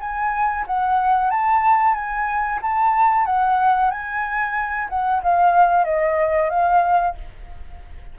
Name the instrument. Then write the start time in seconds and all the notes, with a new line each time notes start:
flute
0.00 G#5
0.67 F#5
1.30 A5
1.94 G#5
2.62 A5
3.26 F#5
3.91 G#5
4.89 F#5
5.23 F5
5.84 D#5
6.50 F5